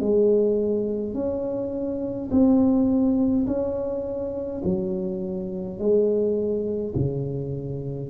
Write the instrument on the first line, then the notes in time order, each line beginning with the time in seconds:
tuba
0.00 G#3
1.14 C#4
2.31 C4
3.47 C#4
4.65 F#3
5.79 G#3
6.95 C#3